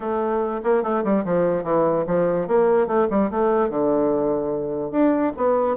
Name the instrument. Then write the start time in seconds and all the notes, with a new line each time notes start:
bassoon
0.00 A3
0.63 A#3
0.83 A3
1.03 G3
1.24 F3
1.63 E3
2.06 F3
2.47 A#3
2.87 A3
3.10 G3
3.30 A3
3.69 D3
4.91 D4
5.36 B3